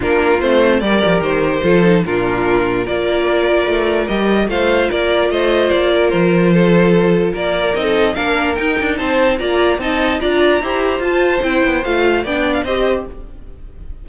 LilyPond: <<
  \new Staff \with { instrumentName = "violin" } { \time 4/4 \tempo 4 = 147 ais'4 c''4 d''4 c''4~ | c''4 ais'2 d''4~ | d''2 dis''4 f''4 | d''4 dis''4 d''4 c''4~ |
c''2 d''4 dis''4 | f''4 g''4 a''4 ais''4 | a''4 ais''2 a''4 | g''4 f''4 g''8. f''16 dis''4 | }
  \new Staff \with { instrumentName = "violin" } { \time 4/4 f'2 ais'2 | a'4 f'2 ais'4~ | ais'2. c''4 | ais'4 c''4. ais'4. |
a'2 ais'4~ ais'16 a'8. | ais'2 c''4 d''4 | dis''4 d''4 c''2~ | c''2 d''4 c''4 | }
  \new Staff \with { instrumentName = "viola" } { \time 4/4 d'4 c'4 g'2 | f'8 dis'8 d'2 f'4~ | f'2 g'4 f'4~ | f'1~ |
f'2. dis'4 | d'4 dis'2 f'4 | dis'4 f'4 g'4 f'4 | e'4 f'4 d'4 g'4 | }
  \new Staff \with { instrumentName = "cello" } { \time 4/4 ais4 a4 g8 f8 dis4 | f4 ais,2 ais4~ | ais4 a4 g4 a4 | ais4 a4 ais4 f4~ |
f2 ais4 c'4 | ais4 dis'8 d'8 c'4 ais4 | c'4 d'4 e'4 f'4 | c'8 b8 a4 b4 c'4 | }
>>